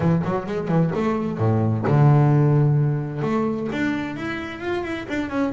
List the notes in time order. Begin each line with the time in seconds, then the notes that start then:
0.00 E3
0.24 F#3
0.46 G#3
0.67 E3
0.95 A3
1.38 A2
1.87 D3
3.22 A3
3.72 D4
4.16 E4
4.60 F4
4.83 E4
5.08 D4
5.29 C#4